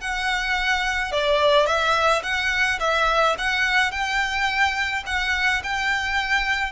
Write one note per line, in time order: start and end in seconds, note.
0.00 1.11 F#5
1.11 1.66 D5
1.66 2.22 E5
2.23 2.79 F#5
2.80 3.36 E5
3.38 3.91 F#5
3.91 5.03 G5
5.06 5.62 F#5
5.63 6.72 G5